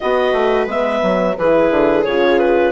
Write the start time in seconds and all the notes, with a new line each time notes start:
0.00 B3 F#4 B4 D#5
0.32 A3
0.66 G#3 B3 E5
1.02 F#3
1.37 E3 E4 G#4 B4
1.70 D3
2.04 C#3 F4 C#5
2.38 B4